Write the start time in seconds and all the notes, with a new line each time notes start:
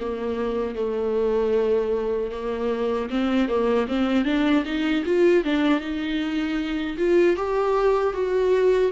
0.00 A#3
0.75 A3
2.32 A#3
3.10 C4
3.49 A#3
3.88 C4
4.25 D4
4.65 D#4
5.06 F4
5.44 D4
5.80 D#4
6.98 F4
7.36 G4
8.14 F#4